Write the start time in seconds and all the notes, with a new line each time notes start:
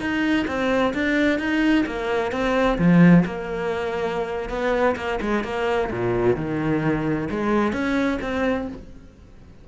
0.00 D#4
0.47 C4
0.94 D4
1.39 D#4
1.86 A#3
2.32 C4
2.78 F3
3.25 A#3
4.49 B3
4.96 A#3
5.21 G#3
5.44 A#3
5.91 A#2
6.36 D#3
7.30 G#3
7.72 C#4
8.21 C4